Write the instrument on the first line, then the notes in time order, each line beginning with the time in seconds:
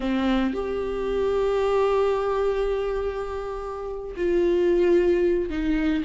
viola
0.00 C4
0.53 G4
4.16 F4
5.50 D#4